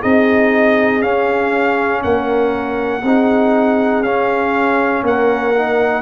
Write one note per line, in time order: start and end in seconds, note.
0.00 1.04 C4
0.00 1.01 D#4
0.00 2.00 G#4
0.00 1.02 D#5
1.01 3.01 C#4
1.01 2.04 C#4
1.01 2.02 F5
2.03 3.03 A#3
2.03 3.04 A#4
2.03 4.03 F#5
3.03 4.02 C4
3.03 4.04 D#4
3.03 5.04 G#4
4.02 5.02 C#4
4.02 5.54 C#4
4.02 5.03 F5
5.03 6.02 A#3
5.03 6.02 A#4
5.03 6.02 F#5
5.55 6.02 D#4